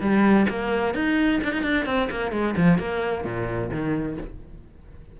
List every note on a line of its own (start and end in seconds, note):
0.00 0.46 G3
0.49 0.94 A#3
0.94 1.40 D#4
1.43 1.52 D4
1.52 1.62 D#4
1.62 1.85 D4
1.85 2.08 C4
2.10 2.31 A#3
2.31 2.54 G#3
2.56 2.78 F3
2.78 3.24 A#3
3.24 3.70 A#2
3.71 4.17 D#3